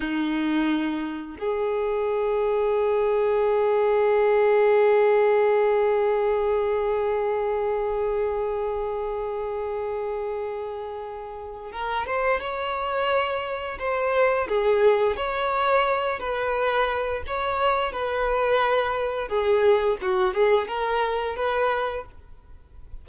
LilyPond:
\new Staff \with { instrumentName = "violin" } { \time 4/4 \tempo 4 = 87 dis'2 gis'2~ | gis'1~ | gis'1~ | gis'1~ |
gis'4 ais'8 c''8 cis''2 | c''4 gis'4 cis''4. b'8~ | b'4 cis''4 b'2 | gis'4 fis'8 gis'8 ais'4 b'4 | }